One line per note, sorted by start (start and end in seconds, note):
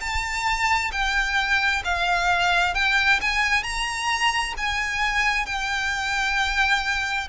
0.00 0.91 A5
0.91 1.82 G5
1.84 2.74 F5
2.74 3.19 G5
3.21 3.63 G#5
3.63 4.54 A#5
4.57 5.46 G#5
5.46 7.28 G5